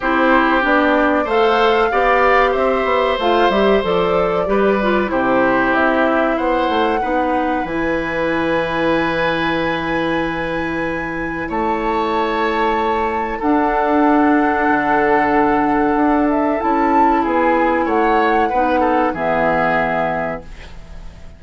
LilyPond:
<<
  \new Staff \with { instrumentName = "flute" } { \time 4/4 \tempo 4 = 94 c''4 d''4 f''2 | e''4 f''8 e''8 d''2 | c''4 e''4 fis''2 | gis''1~ |
gis''2 a''2~ | a''4 fis''2.~ | fis''4. e''8 a''4 gis''4 | fis''2 e''2 | }
  \new Staff \with { instrumentName = "oboe" } { \time 4/4 g'2 c''4 d''4 | c''2. b'4 | g'2 c''4 b'4~ | b'1~ |
b'2 cis''2~ | cis''4 a'2.~ | a'2. gis'4 | cis''4 b'8 a'8 gis'2 | }
  \new Staff \with { instrumentName = "clarinet" } { \time 4/4 e'4 d'4 a'4 g'4~ | g'4 f'8 g'8 a'4 g'8 f'8 | e'2. dis'4 | e'1~ |
e'1~ | e'4 d'2.~ | d'2 e'2~ | e'4 dis'4 b2 | }
  \new Staff \with { instrumentName = "bassoon" } { \time 4/4 c'4 b4 a4 b4 | c'8 b8 a8 g8 f4 g4 | c4 c'4 b8 a8 b4 | e1~ |
e2 a2~ | a4 d'2 d4~ | d4 d'4 cis'4 b4 | a4 b4 e2 | }
>>